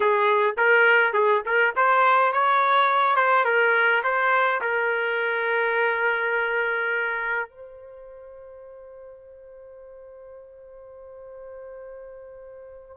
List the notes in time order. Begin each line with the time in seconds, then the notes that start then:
0.00 G#4
0.57 A#4
1.13 G#4
1.45 A#4
1.76 C5
2.32 C#5
3.15 C5
3.45 A#4
4.03 C5
4.61 A#4
7.49 C5